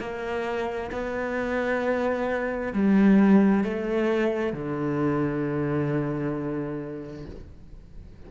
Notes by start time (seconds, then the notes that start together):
0.00 A#3
0.92 B3
2.74 G3
3.64 A3
4.53 D3